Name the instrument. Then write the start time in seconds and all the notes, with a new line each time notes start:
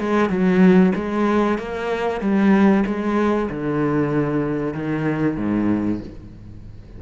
cello
0.00 G#3
0.30 F#3
0.95 G#3
1.58 A#3
2.21 G3
2.87 G#3
3.51 D3
4.74 D#3
5.37 G#2